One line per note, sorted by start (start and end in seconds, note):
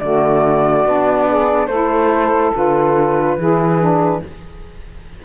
0.00 0.86 D3
0.00 0.86 A3
0.00 1.29 F#4
0.00 1.67 D5
0.86 1.68 B3
0.86 1.71 D4
1.29 1.67 G#4
1.67 2.52 A3
1.67 2.54 E4
1.67 3.36 A4
1.67 2.52 C5
2.54 3.38 D3
2.54 3.38 F4
2.54 4.25 B4
3.38 4.22 E3
3.38 3.81 E4
3.38 4.23 G#4
3.81 4.23 D4